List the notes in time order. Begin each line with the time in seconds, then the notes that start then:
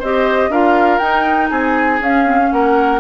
0.00 C4 G4 C5 D#5
0.49 D4 F4 A#4 F5
0.98 D#4 G5
1.50 C4 G#4 G#5
2.00 C#4 F5
2.26 C4
2.38 C#4
2.52 A#3 A#4 F#5